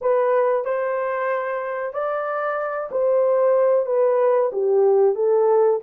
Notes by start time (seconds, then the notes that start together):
0.01 B4
0.65 C5
1.93 D5
2.91 C5
3.86 B4
4.52 G4
5.15 A4